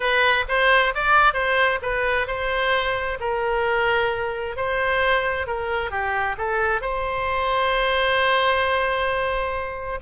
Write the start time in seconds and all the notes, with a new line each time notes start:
0.00 B4
0.48 C5
0.94 D5
1.33 C5
1.82 B4
2.27 C5
3.19 A#4
4.56 C5
5.46 A#4
5.90 G4
6.37 A4
6.81 C5